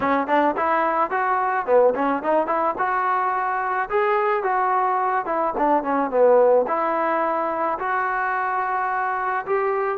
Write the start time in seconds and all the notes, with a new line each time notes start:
0.00 C#4
0.27 D4
0.57 E4
1.10 F#4
1.66 B3
1.94 C#4
2.22 D#4
2.46 E4
2.78 F#4
3.89 G#4
4.43 F#4
5.25 E4
5.57 D4
5.83 C#4
6.10 B3
6.67 E4
7.78 F#4
9.46 G4